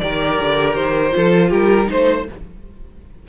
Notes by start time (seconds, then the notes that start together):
0.00 D#3 G4 A#4 D5
0.41 D3
0.75 D#3 C5
1.11 F3 F4 A4
1.50 G3 G4 A#4
1.86 A3 D#4 C5